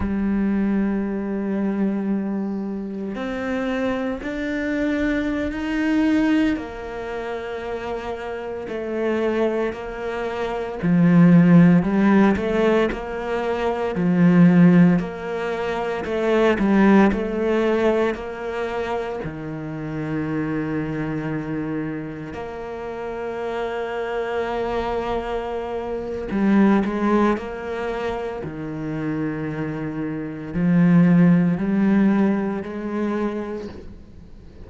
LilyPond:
\new Staff \with { instrumentName = "cello" } { \time 4/4 \tempo 4 = 57 g2. c'4 | d'4~ d'16 dis'4 ais4.~ ais16~ | ais16 a4 ais4 f4 g8 a16~ | a16 ais4 f4 ais4 a8 g16~ |
g16 a4 ais4 dis4.~ dis16~ | dis4~ dis16 ais2~ ais8.~ | ais4 g8 gis8 ais4 dis4~ | dis4 f4 g4 gis4 | }